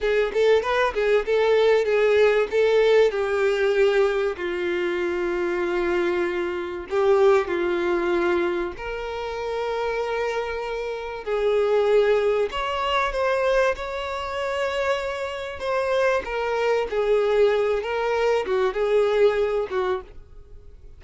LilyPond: \new Staff \with { instrumentName = "violin" } { \time 4/4 \tempo 4 = 96 gis'8 a'8 b'8 gis'8 a'4 gis'4 | a'4 g'2 f'4~ | f'2. g'4 | f'2 ais'2~ |
ais'2 gis'2 | cis''4 c''4 cis''2~ | cis''4 c''4 ais'4 gis'4~ | gis'8 ais'4 fis'8 gis'4. fis'8 | }